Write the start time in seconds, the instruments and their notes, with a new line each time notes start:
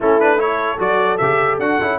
0.00 tuba A3, trombone C#4, horn E4, trumpet A4
0.19 trombone D4, trumpet B4
0.38 trombone E4, horn A4, trumpet C#5
0.78 tuba F#3, trombone F#4, trumpet D5
1.17 tuba C#3, trombone G4, trumpet E5
1.58 tuba D4, trombone F#4, trumpet F#5
1.81 tuba C#4, trombone E4